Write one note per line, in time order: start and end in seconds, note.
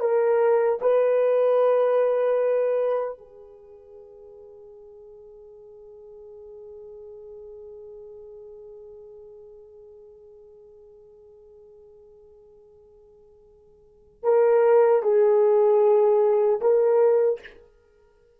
0.00 0.79 A#4
0.81 3.18 B4
3.18 14.23 G#4
14.23 15.02 A#4
15.02 16.60 G#4
16.61 17.40 A#4